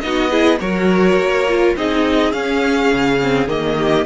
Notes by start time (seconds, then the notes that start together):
0.00 B3 D#4 F#4 D#5
0.29 E4 G#4
0.60 F#3 F#4 A#4 C#5
1.17 A#3
1.48 F4
1.76 C4 D#4 G#4 D#5
2.32 C#4 F5
2.92 C#3
3.22 C4
3.47 D#3 A#3 D#5
3.77 G4